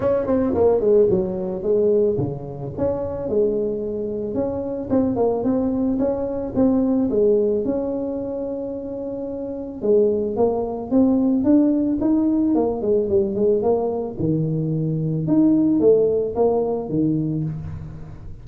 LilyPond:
\new Staff \with { instrumentName = "tuba" } { \time 4/4 \tempo 4 = 110 cis'8 c'8 ais8 gis8 fis4 gis4 | cis4 cis'4 gis2 | cis'4 c'8 ais8 c'4 cis'4 | c'4 gis4 cis'2~ |
cis'2 gis4 ais4 | c'4 d'4 dis'4 ais8 gis8 | g8 gis8 ais4 dis2 | dis'4 a4 ais4 dis4 | }